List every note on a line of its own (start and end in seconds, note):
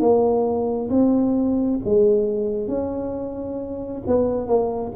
0.00 0.90 A#3
0.90 1.80 C4
1.85 2.68 G#3
2.68 4.03 C#4
4.07 4.47 B3
4.47 4.92 A#3